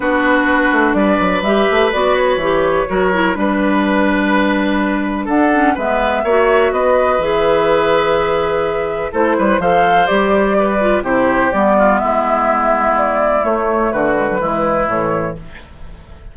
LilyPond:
<<
  \new Staff \with { instrumentName = "flute" } { \time 4/4 \tempo 4 = 125 b'2 d''4 e''4 | d''8 cis''2~ cis''8 b'4~ | b'2. fis''4 | e''2 dis''4 e''4~ |
e''2. c''4 | f''4 d''2 c''4 | d''4 e''2 d''4 | cis''4 b'2 cis''4 | }
  \new Staff \with { instrumentName = "oboe" } { \time 4/4 fis'2 b'2~ | b'2 ais'4 b'4~ | b'2. a'4 | b'4 cis''4 b'2~ |
b'2. a'8 b'8 | c''2 b'4 g'4~ | g'8 f'8 e'2.~ | e'4 fis'4 e'2 | }
  \new Staff \with { instrumentName = "clarinet" } { \time 4/4 d'2. g'4 | fis'4 g'4 fis'8 e'8 d'4~ | d'2.~ d'8 cis'8 | b4 fis'2 gis'4~ |
gis'2. e'4 | a'4 g'4. f'8 e'4 | b1 | a4. gis16 fis16 gis4 e4 | }
  \new Staff \with { instrumentName = "bassoon" } { \time 4/4 b4. a8 g8 fis8 g8 a8 | b4 e4 fis4 g4~ | g2. d'4 | gis4 ais4 b4 e4~ |
e2. a8 g8 | f4 g2 c4 | g4 gis2. | a4 d4 e4 a,4 | }
>>